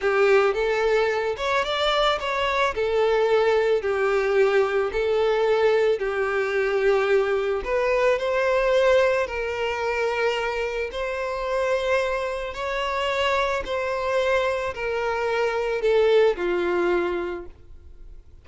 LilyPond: \new Staff \with { instrumentName = "violin" } { \time 4/4 \tempo 4 = 110 g'4 a'4. cis''8 d''4 | cis''4 a'2 g'4~ | g'4 a'2 g'4~ | g'2 b'4 c''4~ |
c''4 ais'2. | c''2. cis''4~ | cis''4 c''2 ais'4~ | ais'4 a'4 f'2 | }